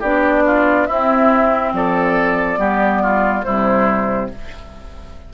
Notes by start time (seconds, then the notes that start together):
0.00 B3 D4 G4 D5
0.46 F4
0.86 C4 E4 E5
1.73 F3 A4 D5
2.57 G3 B3 G4
3.02 F4
3.44 C3 G3 E4 C5